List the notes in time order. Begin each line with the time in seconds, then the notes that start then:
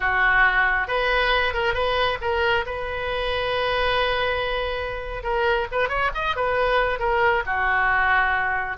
0.00 F#4
0.87 B4
1.53 A#4
1.74 B4
2.21 A#4
2.66 B4
5.23 A#4
5.71 B4
5.88 C#5
6.14 D#5
6.36 B4
6.99 A#4
7.46 F#4